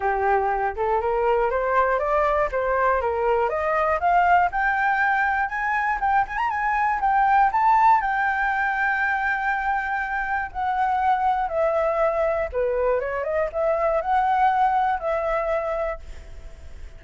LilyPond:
\new Staff \with { instrumentName = "flute" } { \time 4/4 \tempo 4 = 120 g'4. a'8 ais'4 c''4 | d''4 c''4 ais'4 dis''4 | f''4 g''2 gis''4 | g''8 gis''16 ais''16 gis''4 g''4 a''4 |
g''1~ | g''4 fis''2 e''4~ | e''4 b'4 cis''8 dis''8 e''4 | fis''2 e''2 | }